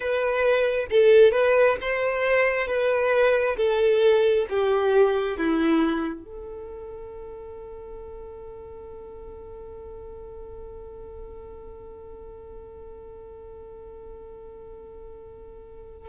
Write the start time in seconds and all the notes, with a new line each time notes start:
0.00 B4
0.90 A4
1.31 B4
1.81 C5
2.67 B4
3.56 A4
4.49 G4
5.37 E4
6.24 A4